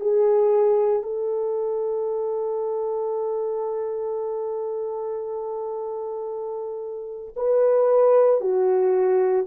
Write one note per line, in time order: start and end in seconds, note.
0.00 1.02 G#4
1.02 7.34 A4
7.36 8.40 B4
8.40 9.45 F#4